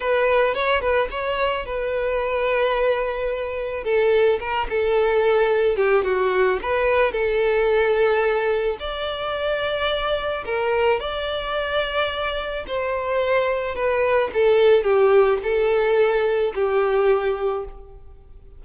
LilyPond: \new Staff \with { instrumentName = "violin" } { \time 4/4 \tempo 4 = 109 b'4 cis''8 b'8 cis''4 b'4~ | b'2. a'4 | ais'8 a'2 g'8 fis'4 | b'4 a'2. |
d''2. ais'4 | d''2. c''4~ | c''4 b'4 a'4 g'4 | a'2 g'2 | }